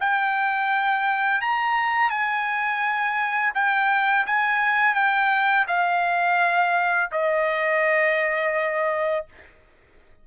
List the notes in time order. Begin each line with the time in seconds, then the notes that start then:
0.00 G5
1.42 A#5
2.10 G#5
3.55 G5
4.27 G#5
4.94 G5
5.68 F5
7.12 D#5